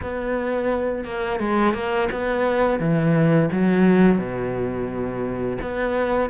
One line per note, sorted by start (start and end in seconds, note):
0.02 1.04 B3
1.04 1.39 A#3
1.39 1.73 G#3
1.73 2.08 A#3
2.11 2.79 B3
2.79 3.49 E3
3.51 4.18 F#3
4.18 5.57 B2
5.61 6.29 B3